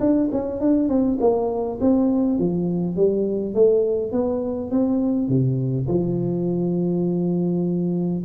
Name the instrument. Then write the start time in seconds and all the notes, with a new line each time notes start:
tuba
0.00 D4
0.32 C#4
0.60 D4
0.89 C4
1.20 A#3
1.80 C4
2.39 F3
2.97 G3
3.54 A3
4.12 B3
4.71 C4
5.28 C3
5.88 F3